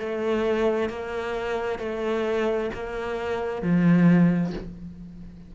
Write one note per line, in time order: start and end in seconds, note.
0.00 0.90 A3
0.90 1.80 A#3
1.80 2.71 A3
2.74 3.63 A#3
3.63 4.54 F3